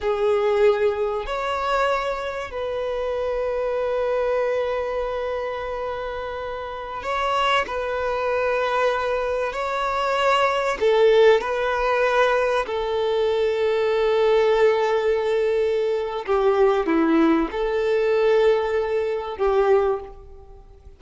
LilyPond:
\new Staff \with { instrumentName = "violin" } { \time 4/4 \tempo 4 = 96 gis'2 cis''2 | b'1~ | b'2.~ b'16 cis''8.~ | cis''16 b'2. cis''8.~ |
cis''4~ cis''16 a'4 b'4.~ b'16~ | b'16 a'2.~ a'8.~ | a'2 g'4 e'4 | a'2. g'4 | }